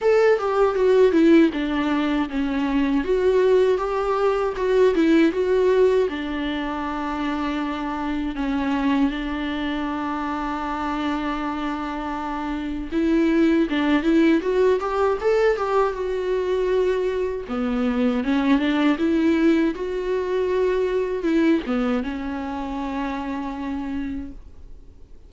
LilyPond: \new Staff \with { instrumentName = "viola" } { \time 4/4 \tempo 4 = 79 a'8 g'8 fis'8 e'8 d'4 cis'4 | fis'4 g'4 fis'8 e'8 fis'4 | d'2. cis'4 | d'1~ |
d'4 e'4 d'8 e'8 fis'8 g'8 | a'8 g'8 fis'2 b4 | cis'8 d'8 e'4 fis'2 | e'8 b8 cis'2. | }